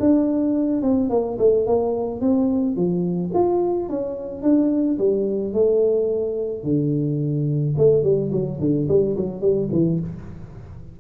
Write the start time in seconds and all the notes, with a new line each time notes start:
0.00 D4
0.82 C4
1.10 A#3
1.39 A3
1.66 A#3
2.21 C4
2.76 F3
3.34 F4
3.89 C#4
4.43 D4
4.98 G3
5.53 A3
6.64 D3
7.78 A3
8.03 G3
8.32 F#3
8.60 D3
8.88 G3
9.16 F#3
9.41 G3
9.72 E3